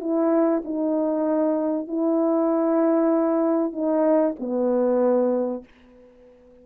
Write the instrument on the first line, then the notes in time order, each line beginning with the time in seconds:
horn
0.00 E4
0.65 D#4
1.88 E4
3.72 D#4
4.39 B3